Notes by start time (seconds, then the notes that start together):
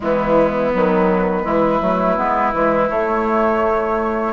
0.00 E3 G#3 B3 E4
0.73 D#3 F#3 B4
1.43 E3 G#3 E4
1.81 F#3 A3
2.16 G#3 B3
2.53 E3 G#3
2.89 A3 C#5